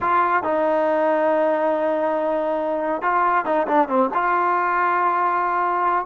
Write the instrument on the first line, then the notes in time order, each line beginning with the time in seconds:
trombone
0.00 F4
0.43 D#4
3.02 F4
3.45 D#4
3.67 D4
3.88 C4
4.13 F4